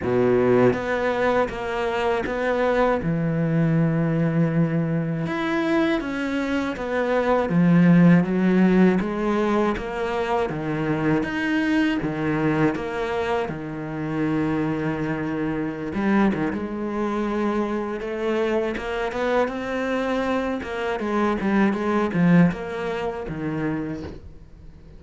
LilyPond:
\new Staff \with { instrumentName = "cello" } { \time 4/4 \tempo 4 = 80 b,4 b4 ais4 b4 | e2. e'4 | cis'4 b4 f4 fis4 | gis4 ais4 dis4 dis'4 |
dis4 ais4 dis2~ | dis4~ dis16 g8 dis16 gis2 | a4 ais8 b8 c'4. ais8 | gis8 g8 gis8 f8 ais4 dis4 | }